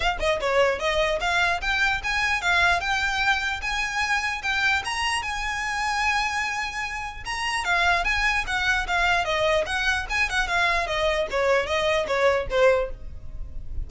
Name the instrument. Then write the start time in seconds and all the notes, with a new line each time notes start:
violin
0.00 F5
0.19 D#5
0.40 C#5
0.79 D#5
1.20 F5
1.61 G5
2.03 G#5
2.41 F5
2.80 G5
3.61 G#5
4.42 G5
4.84 A#5
5.22 G#5
7.25 A#5
7.64 F5
8.04 G#5
8.46 F#5
8.87 F5
9.24 D#5
9.66 F#5
10.09 G#5
10.29 F#5
10.47 F5
10.86 D#5
11.30 C#5
11.66 D#5
12.07 C#5
12.50 C5